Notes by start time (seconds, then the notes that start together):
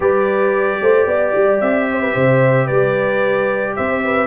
0.00 G3 G4 B4 D5
0.81 A3 C5
1.06 B3 D5
1.35 G3
1.60 C4 E5
1.91 C5
2.01 B4
2.14 C3 C5
2.66 G3 B4 D5
3.76 C4 C5 E5
4.04 B4